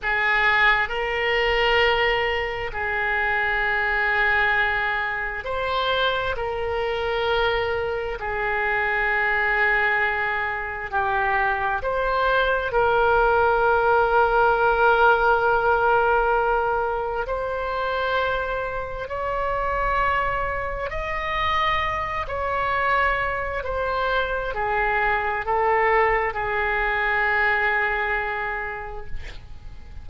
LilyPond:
\new Staff \with { instrumentName = "oboe" } { \time 4/4 \tempo 4 = 66 gis'4 ais'2 gis'4~ | gis'2 c''4 ais'4~ | ais'4 gis'2. | g'4 c''4 ais'2~ |
ais'2. c''4~ | c''4 cis''2 dis''4~ | dis''8 cis''4. c''4 gis'4 | a'4 gis'2. | }